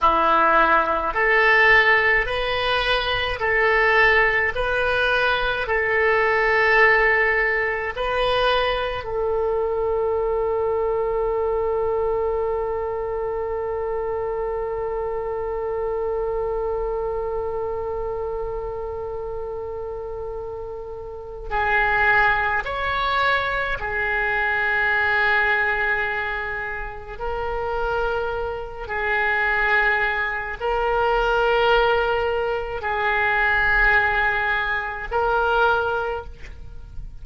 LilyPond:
\new Staff \with { instrumentName = "oboe" } { \time 4/4 \tempo 4 = 53 e'4 a'4 b'4 a'4 | b'4 a'2 b'4 | a'1~ | a'1~ |
a'2. gis'4 | cis''4 gis'2. | ais'4. gis'4. ais'4~ | ais'4 gis'2 ais'4 | }